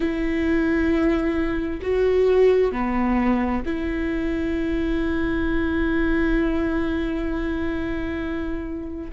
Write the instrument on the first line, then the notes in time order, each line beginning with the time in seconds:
viola
0.00 E4
1.81 F#4
2.71 B3
3.65 E4